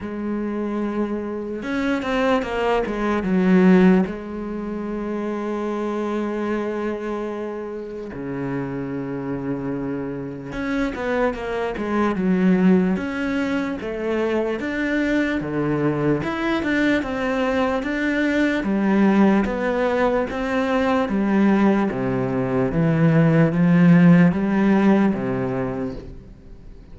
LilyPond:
\new Staff \with { instrumentName = "cello" } { \time 4/4 \tempo 4 = 74 gis2 cis'8 c'8 ais8 gis8 | fis4 gis2.~ | gis2 cis2~ | cis4 cis'8 b8 ais8 gis8 fis4 |
cis'4 a4 d'4 d4 | e'8 d'8 c'4 d'4 g4 | b4 c'4 g4 c4 | e4 f4 g4 c4 | }